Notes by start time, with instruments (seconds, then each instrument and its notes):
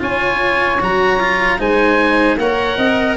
0.00 tuba C#4, cello F4, saxophone C#5, oboe G#5
0.81 tuba F#3, cello F#4, oboe A#5
1.20 cello F4
1.59 tuba G#3, cello D#4, saxophone C5, oboe G#5
2.38 tuba A#3, cello A#4, saxophone C#5, oboe F#5
2.77 tuba C4, saxophone D#5